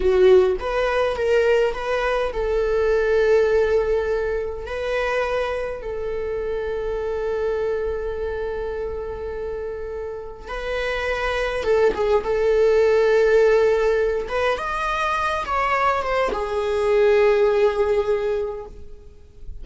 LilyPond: \new Staff \with { instrumentName = "viola" } { \time 4/4 \tempo 4 = 103 fis'4 b'4 ais'4 b'4 | a'1 | b'2 a'2~ | a'1~ |
a'2 b'2 | a'8 gis'8 a'2.~ | a'8 b'8 dis''4. cis''4 c''8 | gis'1 | }